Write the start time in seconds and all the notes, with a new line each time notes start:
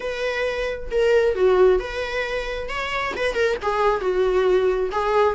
0.00 B4
0.91 A#4
1.35 F#4
1.79 B4
2.68 C#5
3.16 B4
3.34 A#4
3.61 G#4
4.00 F#4
4.91 G#4